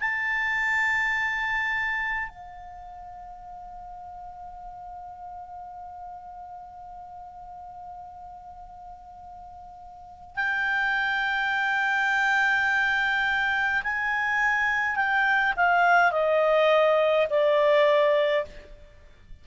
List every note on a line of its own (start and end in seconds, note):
0.00 2.29 A5
2.29 10.36 F5
10.36 13.82 G5
13.84 14.96 G#5
14.96 15.53 G5
15.56 16.12 F5
16.12 17.27 D#5
17.30 18.45 D5